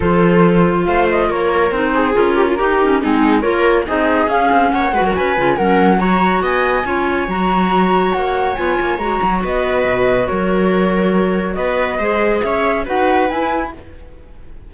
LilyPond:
<<
  \new Staff \with { instrumentName = "flute" } { \time 4/4 \tempo 4 = 140 c''2 f''8 dis''8 cis''4 | c''4 ais'2 gis'4 | cis''4 dis''4 f''4 fis''4 | gis''4 fis''4 ais''4 gis''4~ |
gis''4 ais''2 fis''4 | gis''4 ais''4 dis''2 | cis''2. dis''4~ | dis''4 e''4 fis''4 gis''4 | }
  \new Staff \with { instrumentName = "viola" } { \time 4/4 a'2 c''4 ais'4~ | ais'8 gis'4 g'16 f'16 g'4 dis'4 | ais'4 gis'2 cis''8 b'16 ais'16 | b'4 ais'4 cis''4 dis''4 |
cis''1~ | cis''2 b'2 | ais'2. b'4 | c''4 cis''4 b'2 | }
  \new Staff \with { instrumentName = "clarinet" } { \time 4/4 f'1 | dis'4 f'4 dis'8 cis'8 c'4 | f'4 dis'4 cis'4. fis'8~ | fis'8 f'8 cis'4 fis'2 |
f'4 fis'2. | f'4 fis'2.~ | fis'1 | gis'2 fis'4 e'4 | }
  \new Staff \with { instrumentName = "cello" } { \time 4/4 f2 a4 ais4 | c'4 cis'4 dis'4 gis4 | ais4 c'4 cis'8 c'8 ais8 gis16 fis16 | cis'8 cis8 fis2 b4 |
cis'4 fis2 ais4 | b8 ais8 gis8 fis8 b4 b,4 | fis2. b4 | gis4 cis'4 dis'4 e'4 | }
>>